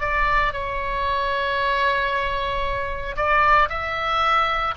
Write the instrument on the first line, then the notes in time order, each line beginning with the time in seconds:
oboe
0.00 D5
0.53 C#5
3.16 D5
3.69 E5